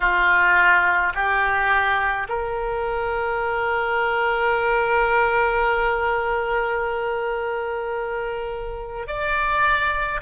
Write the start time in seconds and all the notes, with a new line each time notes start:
0.00 F4
1.14 G4
2.28 A#4
9.07 D5